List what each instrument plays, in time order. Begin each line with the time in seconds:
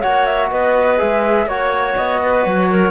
0.00 cello A#3, trombone F#4, clarinet C#5, flute F#5
0.26 flute E5
0.50 cello B3, clarinet B4, flute D#5
0.98 cello G#3, trombone G#4, flute E5
1.46 cello A#3, trombone F#4, clarinet C#5, flute C#5
1.97 cello B3, flute D#5
2.22 clarinet B4
2.44 cello F#3, flute C#5
2.71 clarinet A#4